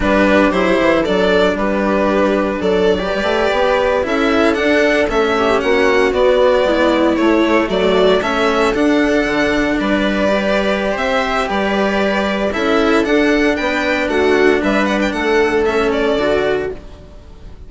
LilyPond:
<<
  \new Staff \with { instrumentName = "violin" } { \time 4/4 \tempo 4 = 115 b'4 c''4 d''4 b'4~ | b'4 d''2~ d''8. e''16~ | e''8. fis''4 e''4 fis''4 d''16~ | d''4.~ d''16 cis''4 d''4 e''16~ |
e''8. fis''2 d''4~ d''16~ | d''4 e''4 d''2 | e''4 fis''4 g''4 fis''4 | e''8 fis''16 g''16 fis''4 e''8 d''4. | }
  \new Staff \with { instrumentName = "viola" } { \time 4/4 g'2 a'4 g'4~ | g'4 a'8. b'2 a'16~ | a'2~ a'16 g'8 fis'4~ fis'16~ | fis'8. e'2 fis'4 a'16~ |
a'2~ a'8. b'4~ b'16~ | b'4 c''4 b'2 | a'2 b'4 fis'4 | b'4 a'2. | }
  \new Staff \with { instrumentName = "cello" } { \time 4/4 d'4 e'4 d'2~ | d'4.~ d'16 g'2 e'16~ | e'8. d'4 cis'2 b16~ | b4.~ b16 a2 cis'16~ |
cis'8. d'2. g'16~ | g'1 | e'4 d'2.~ | d'2 cis'4 fis'4 | }
  \new Staff \with { instrumentName = "bassoon" } { \time 4/4 g4 fis8 e8 fis4 g4~ | g4 fis4 g16 a8 b4 cis'16~ | cis'8. d'4 a4 ais4 b16~ | b8. gis4 a4 fis4 a16~ |
a8. d'4 d4 g4~ g16~ | g4 c'4 g2 | cis'4 d'4 b4 a4 | g4 a2 d4 | }
>>